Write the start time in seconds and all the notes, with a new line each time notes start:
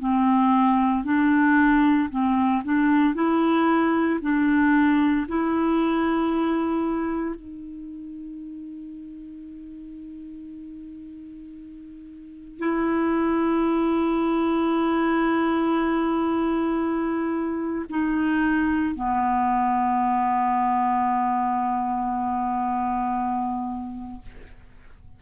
0.00 C4
1.04 D4
2.11 C4
2.64 D4
3.15 E4
4.22 D4
5.28 E4
7.35 D#4
12.59 E4
17.90 D#4
18.95 B3